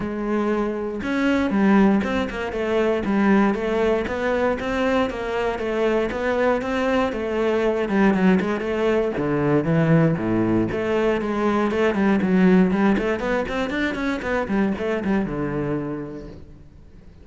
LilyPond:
\new Staff \with { instrumentName = "cello" } { \time 4/4 \tempo 4 = 118 gis2 cis'4 g4 | c'8 ais8 a4 g4 a4 | b4 c'4 ais4 a4 | b4 c'4 a4. g8 |
fis8 gis8 a4 d4 e4 | a,4 a4 gis4 a8 g8 | fis4 g8 a8 b8 c'8 d'8 cis'8 | b8 g8 a8 g8 d2 | }